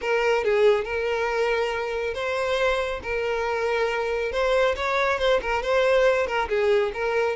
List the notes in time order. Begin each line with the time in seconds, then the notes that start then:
0.01 A#4
0.44 G#4
0.84 A#4
2.14 C5
3.03 A#4
4.32 C5
4.75 C#5
5.19 C5
5.41 A#4
5.62 C5
6.26 A#4
6.49 G#4
6.93 A#4